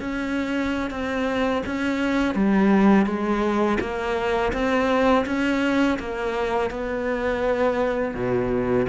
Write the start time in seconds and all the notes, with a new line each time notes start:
0.00 C#4
0.91 C4
1.66 C#4
2.35 G3
3.06 G#3
3.80 A#3
4.53 C4
5.26 C#4
5.99 A#3
6.71 B3
8.14 B2